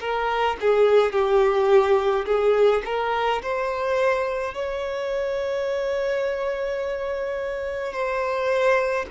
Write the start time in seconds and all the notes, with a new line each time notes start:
0.00 A#4
0.60 G#4
1.12 G4
2.26 G#4
2.85 A#4
3.42 C5
4.54 C#5
7.92 C5